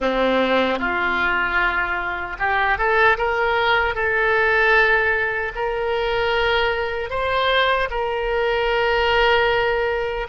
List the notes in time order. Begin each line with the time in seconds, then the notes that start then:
0.00 C4
0.79 F4
2.39 G4
2.77 A4
3.17 A#4
3.94 A4
5.55 A#4
7.09 C5
7.90 A#4